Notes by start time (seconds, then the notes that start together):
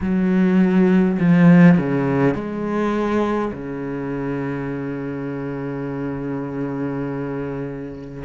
0.01 F#3
1.19 F3
1.78 C#3
2.34 G#3
3.52 C#3